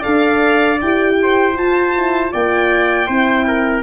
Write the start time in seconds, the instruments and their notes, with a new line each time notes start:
0.00 tuba D4, horn A4, trumpet D5, violin F5
0.81 tuba E4, horn G4, violin G5
1.22 trumpet C5
1.54 horn F4, tuba F4, violin A5
1.96 horn E4
2.31 tuba A#3, horn F4, trumpet D5, violin G5
3.06 tuba C4, horn E4, trumpet C5
3.47 trumpet A#4